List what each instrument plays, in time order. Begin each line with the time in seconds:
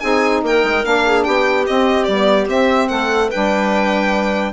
0.00 bassoon C4, saxophone D#4, clarinet G#4, violin G#5
0.43 bassoon A#3, clarinet A#4, violin G5
0.63 bassoon G#3
0.84 bassoon A#3, saxophone D4, violin F5
1.06 clarinet G#4
1.24 bassoon B3, clarinet G4, violin G5
1.67 saxophone C4, bassoon C4, violin D#5
2.04 bassoon G3, saxophone B3, violin D5
2.48 bassoon C4, saxophone C4, violin E5
2.88 bassoon A3, clarinet A4, violin F#5
3.29 saxophone D4, clarinet B4, violin G5
3.36 bassoon G3